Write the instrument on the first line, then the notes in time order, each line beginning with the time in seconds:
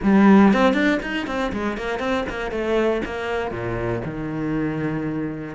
cello
0.02 G3
0.53 C4
0.73 D4
1.02 D#4
1.26 C4
1.52 G#3
1.77 A#3
1.99 C4
2.29 A#3
2.51 A3
3.05 A#3
3.51 A#2
4.04 D#3